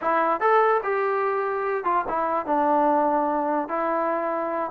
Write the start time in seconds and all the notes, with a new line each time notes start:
0.01 E4
0.40 A4
0.83 G4
1.84 F4
2.08 E4
2.46 D4
3.68 E4